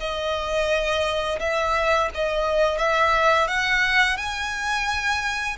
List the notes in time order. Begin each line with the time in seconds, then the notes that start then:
0.00 D#5
1.40 E5
2.14 D#5
2.78 E5
3.48 F#5
4.18 G#5